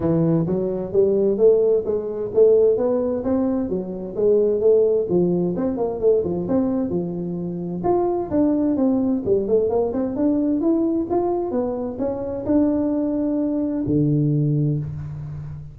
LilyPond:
\new Staff \with { instrumentName = "tuba" } { \time 4/4 \tempo 4 = 130 e4 fis4 g4 a4 | gis4 a4 b4 c'4 | fis4 gis4 a4 f4 | c'8 ais8 a8 f8 c'4 f4~ |
f4 f'4 d'4 c'4 | g8 a8 ais8 c'8 d'4 e'4 | f'4 b4 cis'4 d'4~ | d'2 d2 | }